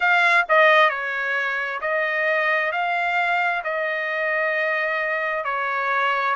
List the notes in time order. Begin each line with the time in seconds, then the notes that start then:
0.00 F5
0.48 D#5
0.89 C#5
1.81 D#5
2.71 F5
3.64 D#5
5.44 C#5